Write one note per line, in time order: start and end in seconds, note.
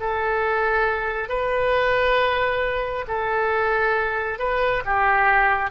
0.00 1.29 A4
1.29 3.05 B4
3.08 4.39 A4
4.39 4.83 B4
4.85 5.70 G4